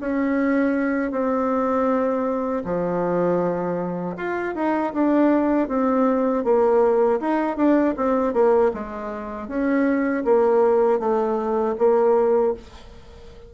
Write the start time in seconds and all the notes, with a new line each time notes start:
0.00 C#4
1.11 C4
2.64 F3
4.16 F4
4.55 D#4
4.93 D4
5.68 C4
6.44 A#3
7.20 D#4
7.56 D4
7.96 C4
8.33 A#3
8.73 G#3
9.48 C#4
10.24 A#3
10.99 A3
11.78 A#3